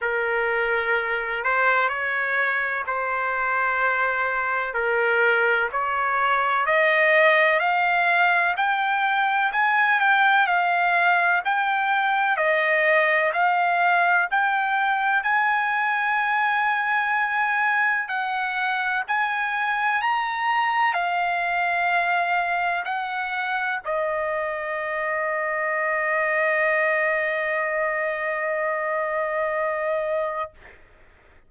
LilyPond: \new Staff \with { instrumentName = "trumpet" } { \time 4/4 \tempo 4 = 63 ais'4. c''8 cis''4 c''4~ | c''4 ais'4 cis''4 dis''4 | f''4 g''4 gis''8 g''8 f''4 | g''4 dis''4 f''4 g''4 |
gis''2. fis''4 | gis''4 ais''4 f''2 | fis''4 dis''2.~ | dis''1 | }